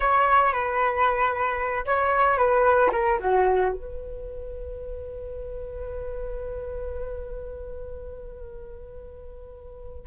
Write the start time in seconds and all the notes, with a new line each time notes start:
0.00 C#5
0.52 B4
1.85 C#5
2.37 B4
2.92 A#4
3.19 F#4
3.72 B4